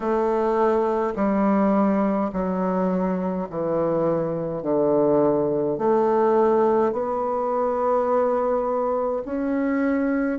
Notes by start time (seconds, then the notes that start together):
0.00 A3
1.15 G3
2.32 F#3
3.49 E3
4.62 D3
5.77 A3
6.92 B3
9.25 C#4